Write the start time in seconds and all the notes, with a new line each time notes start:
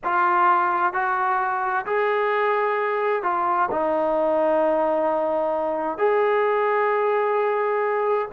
0.03 F4
0.93 F#4
1.86 G#4
3.23 F4
3.71 D#4
5.97 G#4